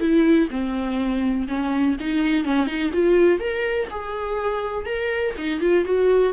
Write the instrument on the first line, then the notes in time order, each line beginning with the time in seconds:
viola
0.00 E4
0.50 C4
1.48 C#4
2.00 D#4
2.45 C#4
2.67 D#4
2.93 F4
3.40 A#4
3.90 G#4
4.86 A#4
5.38 D#4
5.60 F4
5.85 F#4